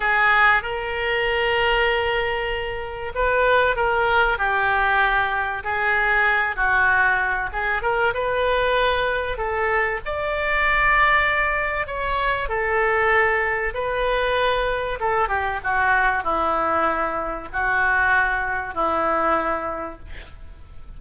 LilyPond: \new Staff \with { instrumentName = "oboe" } { \time 4/4 \tempo 4 = 96 gis'4 ais'2.~ | ais'4 b'4 ais'4 g'4~ | g'4 gis'4. fis'4. | gis'8 ais'8 b'2 a'4 |
d''2. cis''4 | a'2 b'2 | a'8 g'8 fis'4 e'2 | fis'2 e'2 | }